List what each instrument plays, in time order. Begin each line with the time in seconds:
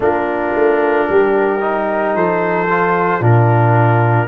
0.00 tuba A#3, trombone D4, horn F4, trumpet A#4
0.54 tuba A3
1.08 tuba G3, horn G4
1.60 trombone D#4
2.14 tuba F3, horn A4, trumpet C5
2.69 trombone F4
3.19 tuba A#2, trombone D4, horn F4, trumpet A#4